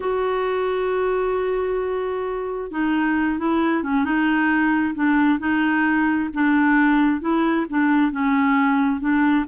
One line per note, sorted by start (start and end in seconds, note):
0.00 2.71 F#4
2.71 3.38 D#4
3.38 3.83 E4
3.83 4.04 C#4
4.04 4.94 D#4
4.94 5.39 D4
5.39 6.29 D#4
6.33 7.21 D4
7.21 7.66 E4
7.69 8.11 D4
8.11 9.00 C#4
9.00 9.45 D4